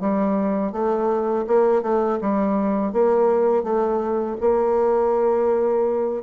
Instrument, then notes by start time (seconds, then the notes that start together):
bassoon
0.00 G3
0.72 A3
1.47 A#3
1.82 A3
2.21 G3
2.93 A#3
3.64 A3
4.40 A#3